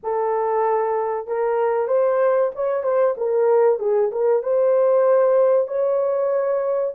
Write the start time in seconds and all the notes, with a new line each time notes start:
0.03 A4
1.27 A#4
1.87 C5
2.55 C#5
2.83 C5
3.17 A#4
3.79 G#4
4.11 A#4
4.42 C5
5.67 C#5